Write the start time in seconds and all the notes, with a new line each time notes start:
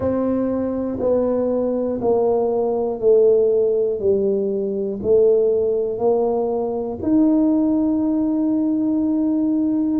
0.00 C4
1.00 B3
2.01 A#3
3.00 A3
3.99 G3
5.02 A3
5.98 A#3
7.02 D#4